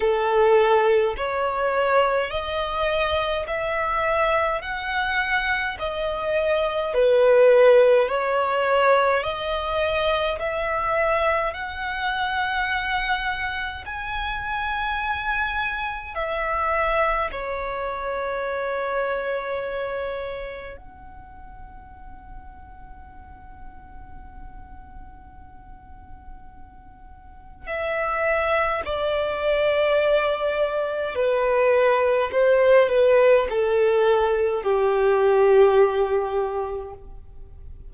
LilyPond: \new Staff \with { instrumentName = "violin" } { \time 4/4 \tempo 4 = 52 a'4 cis''4 dis''4 e''4 | fis''4 dis''4 b'4 cis''4 | dis''4 e''4 fis''2 | gis''2 e''4 cis''4~ |
cis''2 fis''2~ | fis''1 | e''4 d''2 b'4 | c''8 b'8 a'4 g'2 | }